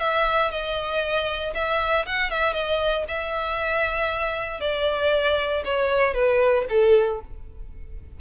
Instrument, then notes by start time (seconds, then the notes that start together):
violin
0.00 E5
0.51 D#5
1.55 E5
2.06 F#5
2.31 E5
2.54 D#5
3.08 E5
4.61 D5
5.65 C#5
6.14 B4
6.69 A4